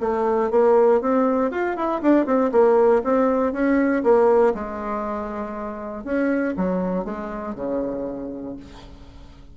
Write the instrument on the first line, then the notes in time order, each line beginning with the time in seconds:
bassoon
0.00 A3
0.51 A#3
1.01 C4
1.51 F4
1.76 E4
2.02 D4
2.26 C4
2.52 A#3
3.04 C4
3.52 C#4
4.03 A#3
4.54 G#3
6.04 C#4
6.57 F#3
7.05 G#3
7.55 C#3